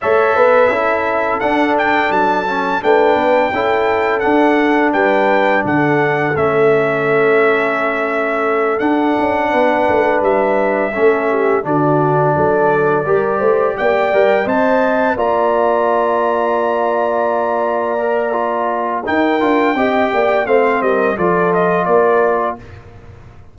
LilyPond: <<
  \new Staff \with { instrumentName = "trumpet" } { \time 4/4 \tempo 4 = 85 e''2 fis''8 g''8 a''4 | g''2 fis''4 g''4 | fis''4 e''2.~ | e''8 fis''2 e''4.~ |
e''8 d''2. g''8~ | g''8 a''4 ais''2~ ais''8~ | ais''2. g''4~ | g''4 f''8 dis''8 d''8 dis''8 d''4 | }
  \new Staff \with { instrumentName = "horn" } { \time 4/4 cis''8 b'8 a'2. | b'4 a'2 b'4 | a'1~ | a'4. b'2 a'8 |
g'8 fis'4 a'4 ais'8 c''8 d''8~ | d''8 dis''4 d''2~ d''8~ | d''2. ais'4 | dis''8 d''8 c''8 ais'8 a'4 ais'4 | }
  \new Staff \with { instrumentName = "trombone" } { \time 4/4 a'4 e'4 d'4. cis'8 | d'4 e'4 d'2~ | d'4 cis'2.~ | cis'8 d'2. cis'8~ |
cis'8 d'2 g'4. | ais'8 c''4 f'2~ f'8~ | f'4. ais'8 f'4 dis'8 f'8 | g'4 c'4 f'2 | }
  \new Staff \with { instrumentName = "tuba" } { \time 4/4 a8 b8 cis'4 d'4 fis4 | a8 b8 cis'4 d'4 g4 | d4 a2.~ | a8 d'8 cis'8 b8 a8 g4 a8~ |
a8 d4 fis4 g8 a8 ais8 | g8 c'4 ais2~ ais8~ | ais2. dis'8 d'8 | c'8 ais8 a8 g8 f4 ais4 | }
>>